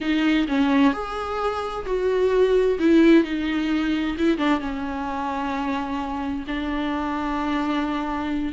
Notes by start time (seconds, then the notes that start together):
0.00 D#4
0.47 C#4
0.93 G#4
1.86 F#4
2.79 E4
3.24 D#4
4.17 E4
4.37 D4
4.60 C#4
6.47 D4